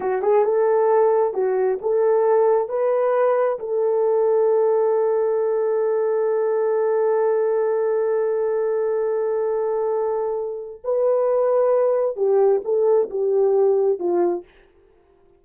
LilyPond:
\new Staff \with { instrumentName = "horn" } { \time 4/4 \tempo 4 = 133 fis'8 gis'8 a'2 fis'4 | a'2 b'2 | a'1~ | a'1~ |
a'1~ | a'1 | b'2. g'4 | a'4 g'2 f'4 | }